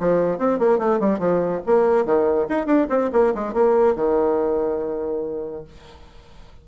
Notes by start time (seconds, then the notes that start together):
0.00 F3
0.38 C4
0.59 A#3
0.79 A3
1.00 G3
1.19 F3
1.66 A#3
2.05 D#3
2.49 D#4
2.66 D4
2.89 C4
3.13 A#3
3.35 G#3
3.53 A#3
3.95 D#3